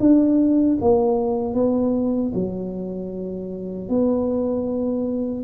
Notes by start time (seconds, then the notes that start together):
0.00 D4
0.81 A#3
1.54 B3
2.34 F#3
3.89 B3